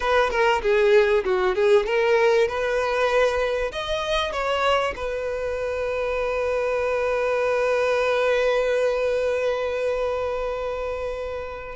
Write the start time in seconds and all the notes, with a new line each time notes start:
0.00 B4
0.30 A#4
0.62 G#4
1.24 F#4
1.55 G#4
1.86 A#4
2.48 B4
3.72 D#5
4.32 C#5
4.96 B4